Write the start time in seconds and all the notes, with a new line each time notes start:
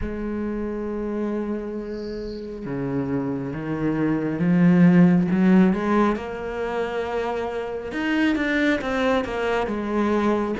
0.01 G#3
2.65 C#3
3.53 D#3
4.39 F3
5.31 F#3
5.73 G#3
6.16 A#3
7.92 D#4
8.35 D4
8.81 C4
9.24 A#3
9.66 G#3